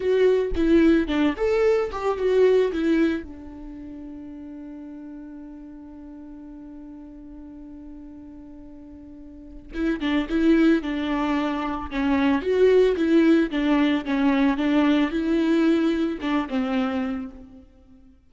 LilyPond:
\new Staff \with { instrumentName = "viola" } { \time 4/4 \tempo 4 = 111 fis'4 e'4 d'8 a'4 g'8 | fis'4 e'4 d'2~ | d'1~ | d'1~ |
d'2 e'8 d'8 e'4 | d'2 cis'4 fis'4 | e'4 d'4 cis'4 d'4 | e'2 d'8 c'4. | }